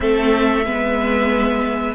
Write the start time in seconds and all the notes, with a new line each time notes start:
0.00 A3 C4 A4 E5
0.65 G#3 B3 B4